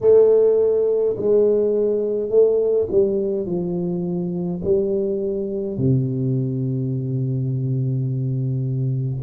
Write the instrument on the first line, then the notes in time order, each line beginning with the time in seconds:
tuba
0.01 A3
1.16 G#3
2.29 A3
2.91 G3
3.46 F3
4.64 G3
5.77 C3